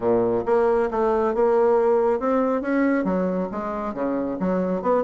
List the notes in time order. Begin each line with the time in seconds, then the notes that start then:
0.00 A#2
0.45 A#3
0.91 A3
1.34 A#3
2.19 C4
2.61 C#4
3.04 F#3
3.51 G#3
3.94 C#3
4.39 F#3
4.82 B3